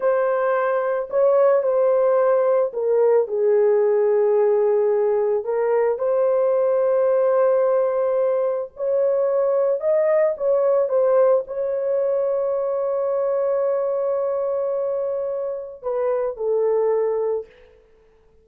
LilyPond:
\new Staff \with { instrumentName = "horn" } { \time 4/4 \tempo 4 = 110 c''2 cis''4 c''4~ | c''4 ais'4 gis'2~ | gis'2 ais'4 c''4~ | c''1 |
cis''2 dis''4 cis''4 | c''4 cis''2.~ | cis''1~ | cis''4 b'4 a'2 | }